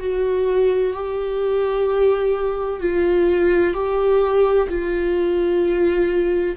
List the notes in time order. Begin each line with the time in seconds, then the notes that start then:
0.00 F#4
0.94 G4
2.81 F4
3.74 G4
4.69 F4